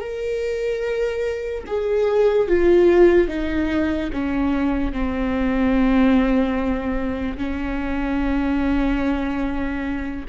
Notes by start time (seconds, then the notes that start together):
0.00 A#4
1.67 G#4
2.48 F4
3.28 D#4
4.13 C#4
4.92 C4
7.37 C#4